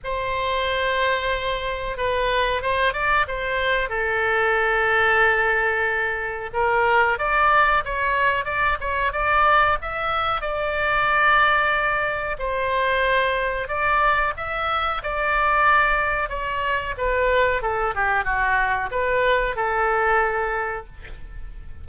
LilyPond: \new Staff \with { instrumentName = "oboe" } { \time 4/4 \tempo 4 = 92 c''2. b'4 | c''8 d''8 c''4 a'2~ | a'2 ais'4 d''4 | cis''4 d''8 cis''8 d''4 e''4 |
d''2. c''4~ | c''4 d''4 e''4 d''4~ | d''4 cis''4 b'4 a'8 g'8 | fis'4 b'4 a'2 | }